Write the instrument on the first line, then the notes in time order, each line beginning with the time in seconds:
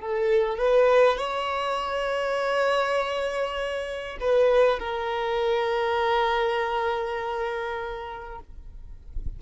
violin
0.00 A4
0.58 B4
1.17 C#5
4.20 B4
4.79 A#4